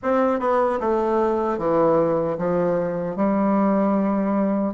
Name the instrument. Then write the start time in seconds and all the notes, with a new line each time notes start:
bassoon
0.03 C4
0.39 B3
0.79 A3
1.58 E3
2.38 F3
3.16 G3